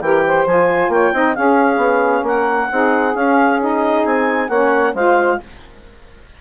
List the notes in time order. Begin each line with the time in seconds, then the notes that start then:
0.00 E3 G4 A#4 G5
0.27 C5
0.46 F3 F4 G#5
0.88 A#3 C#5 G5
1.13 C4 D#4 D#5
1.35 C#4 G#4 F5
1.77 B3
2.24 A#3 A#4 F#5
2.71 C4 D#4 G#4
3.14 C#4 F5
3.60 D#4 D#5
4.06 C4 G#5
4.49 A#3 C#4 C#5 F#5
4.94 G#3 F4 C5 F5